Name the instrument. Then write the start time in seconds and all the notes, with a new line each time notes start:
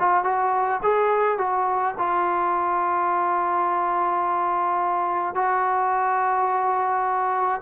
trombone
0.00 F4
0.24 F#4
0.83 G#4
1.38 F#4
1.98 F4
5.35 F#4